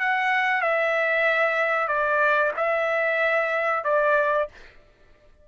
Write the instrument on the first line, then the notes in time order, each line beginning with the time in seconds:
trumpet
0.00 F#5
0.62 E5
1.88 D5
2.57 E5
3.84 D5